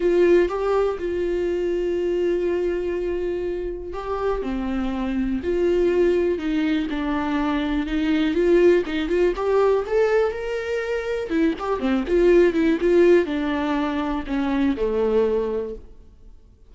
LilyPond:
\new Staff \with { instrumentName = "viola" } { \time 4/4 \tempo 4 = 122 f'4 g'4 f'2~ | f'1 | g'4 c'2 f'4~ | f'4 dis'4 d'2 |
dis'4 f'4 dis'8 f'8 g'4 | a'4 ais'2 e'8 g'8 | c'8 f'4 e'8 f'4 d'4~ | d'4 cis'4 a2 | }